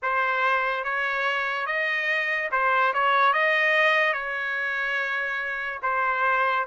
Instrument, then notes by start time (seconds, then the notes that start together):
trumpet
0.02 C5
0.84 C#5
1.66 D#5
2.51 C5
2.93 C#5
3.33 D#5
4.12 C#5
5.82 C5